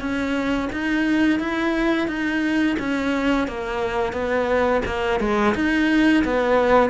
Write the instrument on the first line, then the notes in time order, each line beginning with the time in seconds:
cello
0.00 C#4
0.72 D#4
1.39 E4
2.08 D#4
2.79 C#4
3.47 A#3
4.13 B3
4.85 A#3
5.20 G#3
5.55 D#4
6.24 B3